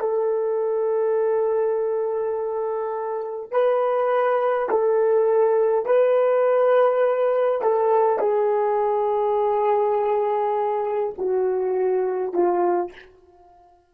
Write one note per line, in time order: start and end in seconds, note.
0.00 3.52 A4
3.52 4.70 B4
4.70 5.86 A4
5.86 7.62 B4
7.62 8.20 A4
8.20 11.14 G#4
11.19 12.34 F#4
12.34 12.93 F4